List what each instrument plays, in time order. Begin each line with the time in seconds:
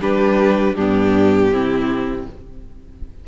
0.00 cello G3, viola D4, violin G4 B4
0.75 cello G2, viola B3, violin D4 G4
1.50 cello C3, viola C4, violin E4